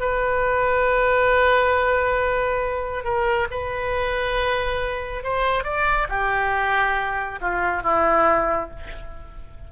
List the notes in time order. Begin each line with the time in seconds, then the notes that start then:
0.00 B4
3.04 A#4
3.51 B4
5.23 C5
5.64 D5
6.09 G4
7.41 F4
7.83 E4